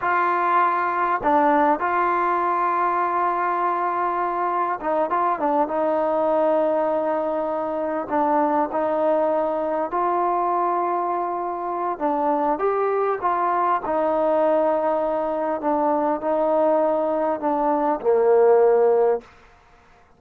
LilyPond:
\new Staff \with { instrumentName = "trombone" } { \time 4/4 \tempo 4 = 100 f'2 d'4 f'4~ | f'1 | dis'8 f'8 d'8 dis'2~ dis'8~ | dis'4. d'4 dis'4.~ |
dis'8 f'2.~ f'8 | d'4 g'4 f'4 dis'4~ | dis'2 d'4 dis'4~ | dis'4 d'4 ais2 | }